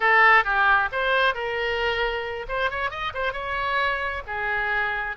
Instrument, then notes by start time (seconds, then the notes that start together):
oboe
0.00 A4
0.44 G4
0.91 C5
1.34 A#4
2.48 C5
2.70 C#5
2.90 D#5
3.14 C5
3.32 C#5
4.26 G#4